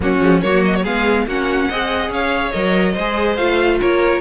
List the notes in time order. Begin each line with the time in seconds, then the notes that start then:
0.00 F#3 A#3 C#4 F#4
0.20 F3 G#3
0.41 F#3 A#3 F#4 C#5
0.65 D#5
0.75 C#5
0.82 G#3 B3 G#4 F5
1.26 A#3 C#4 F#4 F#5
1.68 C4 G#4 D#5
2.09 C#4 C#5 F5
2.52 F#3 A#4 D#5
2.93 G#3 C5
2.99 G#4
3.36 A3 F4 F5
3.80 A#3 A#4 C#5